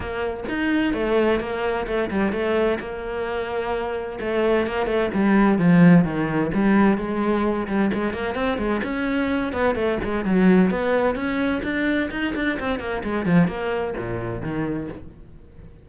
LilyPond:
\new Staff \with { instrumentName = "cello" } { \time 4/4 \tempo 4 = 129 ais4 dis'4 a4 ais4 | a8 g8 a4 ais2~ | ais4 a4 ais8 a8 g4 | f4 dis4 g4 gis4~ |
gis8 g8 gis8 ais8 c'8 gis8 cis'4~ | cis'8 b8 a8 gis8 fis4 b4 | cis'4 d'4 dis'8 d'8 c'8 ais8 | gis8 f8 ais4 ais,4 dis4 | }